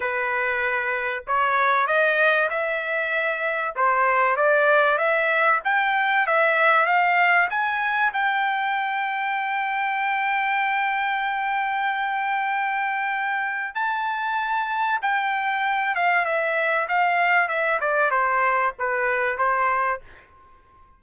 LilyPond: \new Staff \with { instrumentName = "trumpet" } { \time 4/4 \tempo 4 = 96 b'2 cis''4 dis''4 | e''2 c''4 d''4 | e''4 g''4 e''4 f''4 | gis''4 g''2.~ |
g''1~ | g''2 a''2 | g''4. f''8 e''4 f''4 | e''8 d''8 c''4 b'4 c''4 | }